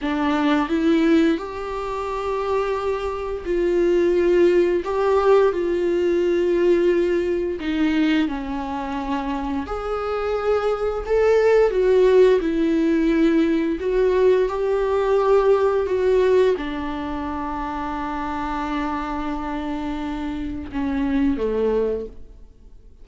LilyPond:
\new Staff \with { instrumentName = "viola" } { \time 4/4 \tempo 4 = 87 d'4 e'4 g'2~ | g'4 f'2 g'4 | f'2. dis'4 | cis'2 gis'2 |
a'4 fis'4 e'2 | fis'4 g'2 fis'4 | d'1~ | d'2 cis'4 a4 | }